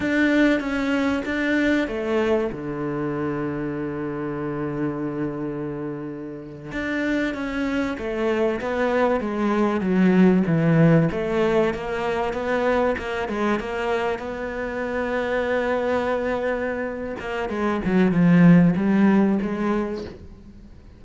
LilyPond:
\new Staff \with { instrumentName = "cello" } { \time 4/4 \tempo 4 = 96 d'4 cis'4 d'4 a4 | d1~ | d2~ d8. d'4 cis'16~ | cis'8. a4 b4 gis4 fis16~ |
fis8. e4 a4 ais4 b16~ | b8. ais8 gis8 ais4 b4~ b16~ | b2.~ b8 ais8 | gis8 fis8 f4 g4 gis4 | }